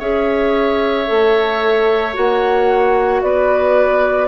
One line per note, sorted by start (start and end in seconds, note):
0.00 1.07 C#4
0.00 1.07 G#4
0.00 3.21 C#5
0.00 2.15 E5
1.07 2.18 A3
1.07 2.14 A4
2.14 3.23 A#3
2.14 4.28 F#4
2.14 3.23 F#5
3.23 4.28 B3
3.23 4.28 B4
3.23 4.28 D5